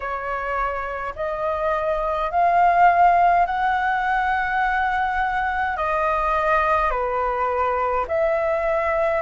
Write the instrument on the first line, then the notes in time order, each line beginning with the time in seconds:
flute
0.00 C#5
1.15 D#5
2.31 F5
3.46 F#5
5.76 D#5
6.90 B4
8.08 E5